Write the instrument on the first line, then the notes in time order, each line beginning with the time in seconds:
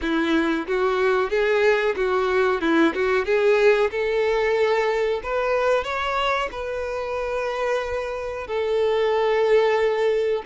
violin
0.01 E4
0.67 F#4
1.30 G#4
1.96 F#4
2.61 E4
2.94 F#4
3.25 G#4
3.90 A4
5.23 B4
5.83 C#5
6.51 B4
8.47 A4